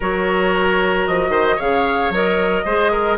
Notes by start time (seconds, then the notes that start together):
0.00 F#3 F#4 A#4 C#5
1.06 F3 D#5
1.29 D#3 C5
1.56 C#3 G#4 C#5 F5
2.09 F#3 A#4 D#5
2.65 G#3 G#4 C5
2.91 A#4